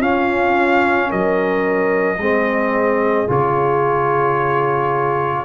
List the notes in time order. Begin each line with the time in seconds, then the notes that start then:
0.00 C#4 F4 F5
1.10 F#3 A#4 D#5
2.19 G#3 C4 G#4
3.28 C#3 F4 C#5